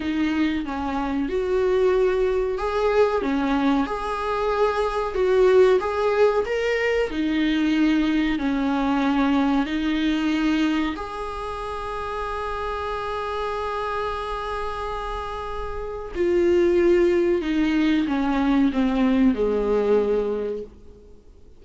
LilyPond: \new Staff \with { instrumentName = "viola" } { \time 4/4 \tempo 4 = 93 dis'4 cis'4 fis'2 | gis'4 cis'4 gis'2 | fis'4 gis'4 ais'4 dis'4~ | dis'4 cis'2 dis'4~ |
dis'4 gis'2.~ | gis'1~ | gis'4 f'2 dis'4 | cis'4 c'4 gis2 | }